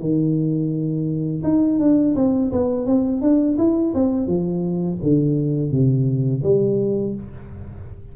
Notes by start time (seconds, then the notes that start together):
0.00 D#3
1.44 D#4
1.79 D4
2.16 C4
2.52 B3
2.86 C4
3.21 D4
3.58 E4
3.94 C4
4.27 F3
5.03 D3
5.71 C3
6.43 G3